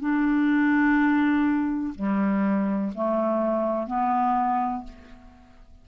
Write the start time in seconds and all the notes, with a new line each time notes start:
0.00 D4
1.95 G3
2.95 A3
3.87 B3